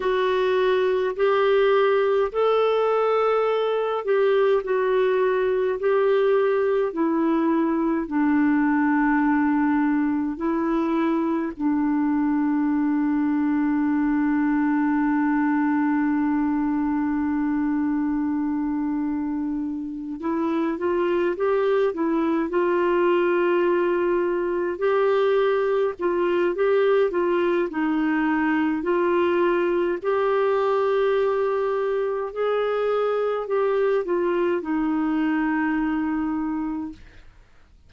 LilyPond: \new Staff \with { instrumentName = "clarinet" } { \time 4/4 \tempo 4 = 52 fis'4 g'4 a'4. g'8 | fis'4 g'4 e'4 d'4~ | d'4 e'4 d'2~ | d'1~ |
d'4. e'8 f'8 g'8 e'8 f'8~ | f'4. g'4 f'8 g'8 f'8 | dis'4 f'4 g'2 | gis'4 g'8 f'8 dis'2 | }